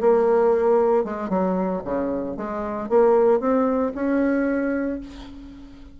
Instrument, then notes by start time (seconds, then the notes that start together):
bassoon
0.00 A#3
1.04 G#3
1.29 F#3
1.84 C#3
2.37 G#3
2.89 A#3
3.40 C4
3.94 C#4